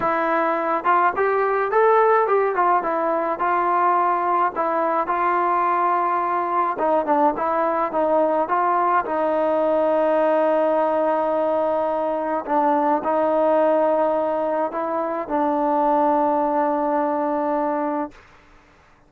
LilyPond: \new Staff \with { instrumentName = "trombone" } { \time 4/4 \tempo 4 = 106 e'4. f'8 g'4 a'4 | g'8 f'8 e'4 f'2 | e'4 f'2. | dis'8 d'8 e'4 dis'4 f'4 |
dis'1~ | dis'2 d'4 dis'4~ | dis'2 e'4 d'4~ | d'1 | }